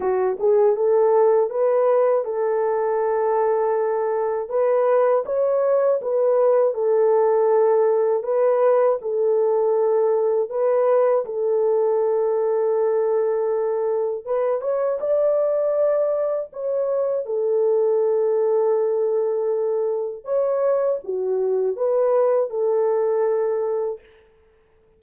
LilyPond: \new Staff \with { instrumentName = "horn" } { \time 4/4 \tempo 4 = 80 fis'8 gis'8 a'4 b'4 a'4~ | a'2 b'4 cis''4 | b'4 a'2 b'4 | a'2 b'4 a'4~ |
a'2. b'8 cis''8 | d''2 cis''4 a'4~ | a'2. cis''4 | fis'4 b'4 a'2 | }